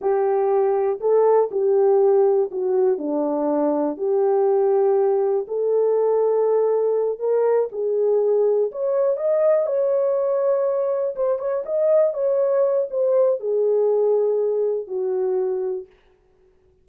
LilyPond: \new Staff \with { instrumentName = "horn" } { \time 4/4 \tempo 4 = 121 g'2 a'4 g'4~ | g'4 fis'4 d'2 | g'2. a'4~ | a'2~ a'8 ais'4 gis'8~ |
gis'4. cis''4 dis''4 cis''8~ | cis''2~ cis''8 c''8 cis''8 dis''8~ | dis''8 cis''4. c''4 gis'4~ | gis'2 fis'2 | }